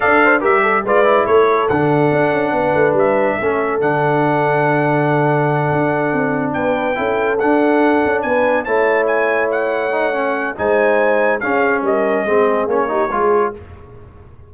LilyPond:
<<
  \new Staff \with { instrumentName = "trumpet" } { \time 4/4 \tempo 4 = 142 f''4 e''4 d''4 cis''4 | fis''2. e''4~ | e''4 fis''2.~ | fis''2.~ fis''8 g''8~ |
g''4. fis''2 gis''8~ | gis''8 a''4 gis''4 fis''4.~ | fis''4 gis''2 f''4 | dis''2 cis''2 | }
  \new Staff \with { instrumentName = "horn" } { \time 4/4 d''8 c''8 ais'8 a'8 b'4 a'4~ | a'2 b'2 | a'1~ | a'2.~ a'8 b'8~ |
b'8 a'2. b'8~ | b'8 cis''2.~ cis''8~ | cis''4 c''2 gis'4 | ais'4 gis'4. g'8 gis'4 | }
  \new Staff \with { instrumentName = "trombone" } { \time 4/4 a'4 g'4 f'8 e'4. | d'1 | cis'4 d'2.~ | d'1~ |
d'8 e'4 d'2~ d'8~ | d'8 e'2. dis'8 | cis'4 dis'2 cis'4~ | cis'4 c'4 cis'8 dis'8 f'4 | }
  \new Staff \with { instrumentName = "tuba" } { \time 4/4 d'4 g4 gis4 a4 | d4 d'8 cis'8 b8 a8 g4 | a4 d2.~ | d4. d'4 c'4 b8~ |
b8 cis'4 d'4. cis'8 b8~ | b8 a2.~ a8~ | a4 gis2 cis'4 | g4 gis4 ais4 gis4 | }
>>